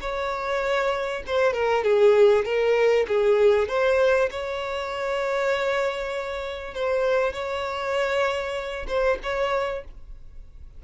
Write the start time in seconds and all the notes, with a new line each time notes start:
0.00 C#5
1.26 C5
1.53 A#4
1.83 G#4
2.44 A#4
3.07 G#4
3.68 C5
4.30 C#5
6.74 C5
7.32 C#5
8.87 C5
9.23 C#5